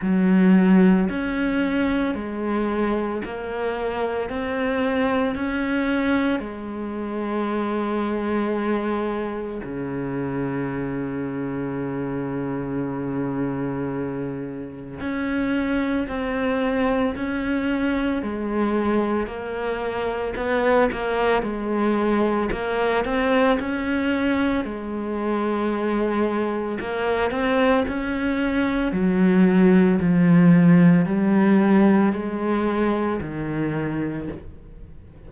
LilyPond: \new Staff \with { instrumentName = "cello" } { \time 4/4 \tempo 4 = 56 fis4 cis'4 gis4 ais4 | c'4 cis'4 gis2~ | gis4 cis2.~ | cis2 cis'4 c'4 |
cis'4 gis4 ais4 b8 ais8 | gis4 ais8 c'8 cis'4 gis4~ | gis4 ais8 c'8 cis'4 fis4 | f4 g4 gis4 dis4 | }